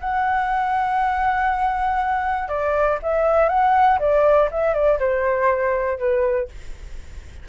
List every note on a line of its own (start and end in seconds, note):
0.00 2.48 F#5
2.48 2.98 D5
3.02 3.49 E5
3.49 3.99 F#5
3.99 4.49 D5
4.51 4.74 E5
4.74 4.99 D5
4.99 5.98 C5
5.98 6.48 B4